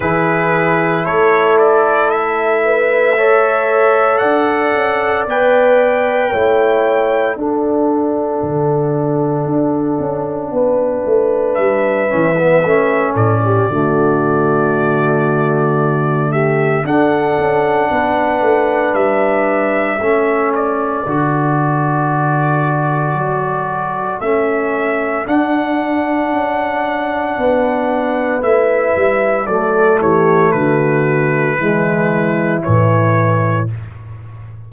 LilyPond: <<
  \new Staff \with { instrumentName = "trumpet" } { \time 4/4 \tempo 4 = 57 b'4 cis''8 d''8 e''2 | fis''4 g''2 fis''4~ | fis''2. e''4~ | e''8 d''2. e''8 |
fis''2 e''4. d''8~ | d''2. e''4 | fis''2. e''4 | d''8 cis''8 b'2 cis''4 | }
  \new Staff \with { instrumentName = "horn" } { \time 4/4 gis'4 a'4. b'8 cis''4 | d''2 cis''4 a'4~ | a'2 b'2~ | b'8 a'16 g'16 fis'2~ fis'8 g'8 |
a'4 b'2 a'4~ | a'1~ | a'2 b'2 | a'8 g'8 fis'4 e'2 | }
  \new Staff \with { instrumentName = "trombone" } { \time 4/4 e'2. a'4~ | a'4 b'4 e'4 d'4~ | d'2.~ d'8 cis'16 b16 | cis'4 a2. |
d'2. cis'4 | fis'2. cis'4 | d'2. e'4 | a2 gis4 e4 | }
  \new Staff \with { instrumentName = "tuba" } { \time 4/4 e4 a2. | d'8 cis'8 b4 a4 d'4 | d4 d'8 cis'8 b8 a8 g8 e8 | a8 a,8 d2. |
d'8 cis'8 b8 a8 g4 a4 | d2 fis4 a4 | d'4 cis'4 b4 a8 g8 | fis8 e8 d4 e4 a,4 | }
>>